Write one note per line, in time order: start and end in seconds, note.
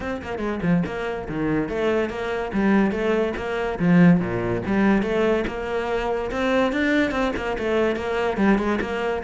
0.00 0.21 C4
0.22 0.38 A#3
0.38 0.59 G#3
0.62 0.83 F3
0.86 1.28 A#3
1.29 1.68 D#3
1.68 2.09 A3
2.09 2.51 A#3
2.53 2.91 G3
2.91 3.33 A3
3.36 3.78 A#3
3.79 4.20 F3
4.20 4.62 A#2
4.66 5.02 G3
5.02 5.44 A3
5.47 6.31 A#3
6.31 6.72 C4
6.72 7.11 D4
7.11 7.32 C4
7.36 7.57 A#3
7.58 7.95 A3
7.95 8.37 A#3
8.37 8.58 G3
8.58 8.79 G#3
8.80 9.22 A#3